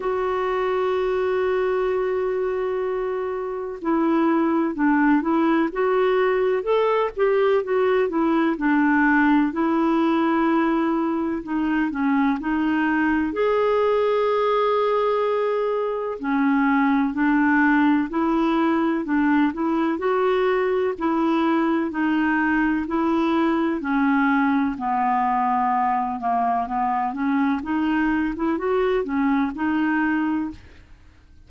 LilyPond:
\new Staff \with { instrumentName = "clarinet" } { \time 4/4 \tempo 4 = 63 fis'1 | e'4 d'8 e'8 fis'4 a'8 g'8 | fis'8 e'8 d'4 e'2 | dis'8 cis'8 dis'4 gis'2~ |
gis'4 cis'4 d'4 e'4 | d'8 e'8 fis'4 e'4 dis'4 | e'4 cis'4 b4. ais8 | b8 cis'8 dis'8. e'16 fis'8 cis'8 dis'4 | }